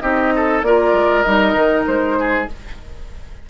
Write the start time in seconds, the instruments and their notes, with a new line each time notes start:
0.00 bassoon C4, clarinet D#4, oboe G4, flute D#5
0.36 oboe A4
0.62 bassoon A#3, clarinet F4, oboe A#4, flute D5
0.93 bassoon G#3
1.22 bassoon G3, clarinet D#4, flute D#5
1.54 bassoon D#3
1.87 bassoon G#3, flute C5
2.19 oboe G#4